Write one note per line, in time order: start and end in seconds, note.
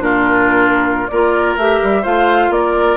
0.00 1.07 A#2
0.00 1.07 D4
0.00 1.11 F4
0.00 1.08 A#4
1.08 1.56 A#3
1.08 1.59 F4
1.08 2.02 A#4
1.08 1.55 D5
1.56 1.80 A3
1.56 2.03 G4
1.56 2.05 E5
1.83 2.06 G3
2.02 2.49 A3
2.02 2.97 F4
2.02 2.50 C5
2.02 2.52 F5
2.49 2.97 A#3
2.49 2.97 D5
2.56 2.97 A#4